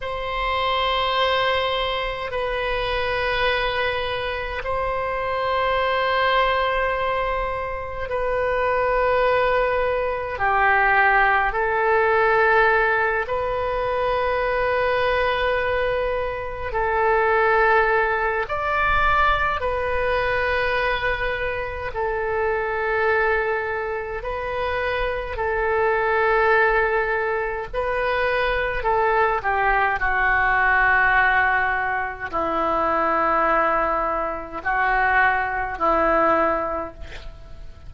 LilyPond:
\new Staff \with { instrumentName = "oboe" } { \time 4/4 \tempo 4 = 52 c''2 b'2 | c''2. b'4~ | b'4 g'4 a'4. b'8~ | b'2~ b'8 a'4. |
d''4 b'2 a'4~ | a'4 b'4 a'2 | b'4 a'8 g'8 fis'2 | e'2 fis'4 e'4 | }